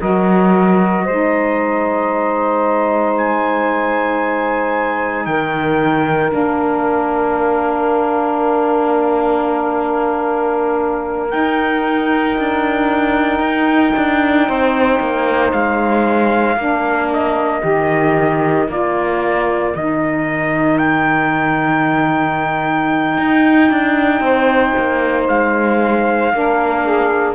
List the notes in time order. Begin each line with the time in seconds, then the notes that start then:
0.00 F#3 F#4 A#4 D#5
1.04 G#3 D#4 C5
3.17 G#5
5.25 D#3 A#4 G5
6.28 A#3 D4 F5
11.29 D#4 G5
12.38 D4
13.39 D#4
13.96 D4
14.48 C4 C5
14.99 A#3
15.52 G#3 F5
16.56 A#3 D4 A#4
17.13 D#5
17.61 D#3 G4
18.68 A#3 F4 D5
19.75 D#3 D#4 D#5
20.78 G5
23.18 D#4
23.70 D4
24.20 C4 C5
24.77 A#3
25.27 G#3 F5
26.32 A#3 D4 A#4
26.83 G#4